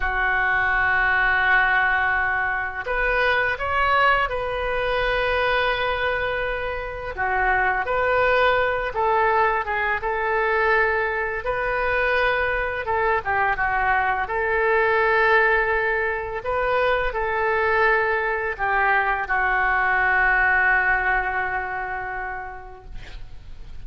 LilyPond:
\new Staff \with { instrumentName = "oboe" } { \time 4/4 \tempo 4 = 84 fis'1 | b'4 cis''4 b'2~ | b'2 fis'4 b'4~ | b'8 a'4 gis'8 a'2 |
b'2 a'8 g'8 fis'4 | a'2. b'4 | a'2 g'4 fis'4~ | fis'1 | }